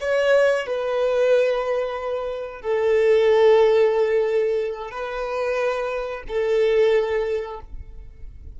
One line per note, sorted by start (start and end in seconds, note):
0.00 0.66 C#5
0.66 2.61 B4
2.61 4.91 A4
4.91 6.22 B4
6.28 7.59 A4